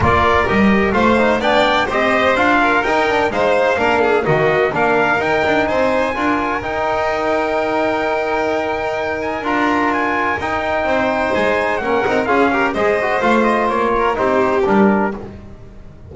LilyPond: <<
  \new Staff \with { instrumentName = "trumpet" } { \time 4/4 \tempo 4 = 127 d''4 dis''4 f''4 g''4 | dis''4 f''4 g''4 f''4~ | f''4 dis''4 f''4 g''4 | gis''2 g''2~ |
g''2.~ g''8 gis''8 | ais''4 gis''4 g''2 | gis''4 fis''4 f''4 dis''4 | f''8 dis''8 cis''4 c''4 ais'4 | }
  \new Staff \with { instrumentName = "violin" } { \time 4/4 ais'2 c''4 d''4 | c''4. ais'4. c''4 | ais'8 gis'8 fis'4 ais'2 | c''4 ais'2.~ |
ais'1~ | ais'2. c''4~ | c''4 ais'4 gis'8 ais'8 c''4~ | c''4. ais'8 g'2 | }
  \new Staff \with { instrumentName = "trombone" } { \time 4/4 f'4 g'4 f'8 dis'8 d'4 | g'4 f'4 dis'8 d'8 dis'4 | d'4 ais4 d'4 dis'4~ | dis'4 f'4 dis'2~ |
dis'1 | f'2 dis'2~ | dis'4 cis'8 dis'8 f'8 g'8 gis'8 fis'8 | f'2 dis'4 d'4 | }
  \new Staff \with { instrumentName = "double bass" } { \time 4/4 ais4 g4 a4 b4 | c'4 d'4 dis'4 gis4 | ais4 dis4 ais4 dis'8 d'8 | c'4 d'4 dis'2~ |
dis'1 | d'2 dis'4 c'4 | gis4 ais8 c'8 cis'4 gis4 | a4 ais4 c'4 g4 | }
>>